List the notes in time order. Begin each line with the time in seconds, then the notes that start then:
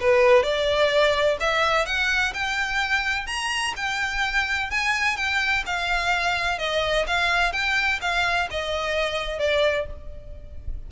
0.00 B4
0.43 D5
1.40 E5
1.86 F#5
2.34 G5
3.26 A#5
3.76 G5
4.70 G#5
5.16 G5
5.66 F5
6.58 D#5
7.07 F5
7.52 G5
8.01 F5
8.50 D#5
9.38 D5